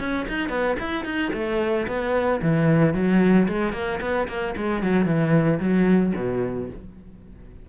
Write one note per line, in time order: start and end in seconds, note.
0.00 0.27 C#4
0.29 0.50 D#4
0.50 0.76 B3
0.80 1.05 E4
1.05 1.32 D#4
1.34 1.87 A3
1.88 2.41 B3
2.42 2.95 E3
2.95 3.48 F#3
3.49 3.73 G#3
3.73 4.00 A#3
4.01 4.28 B3
4.28 4.55 A#3
4.57 4.83 G#3
4.83 5.06 F#3
5.06 5.60 E3
5.60 6.14 F#3
6.16 6.70 B2